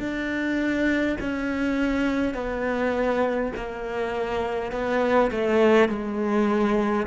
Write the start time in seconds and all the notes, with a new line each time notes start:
0.00 D4
1.21 C#4
2.35 B3
3.57 A#3
4.72 B3
5.31 A3
5.89 G#3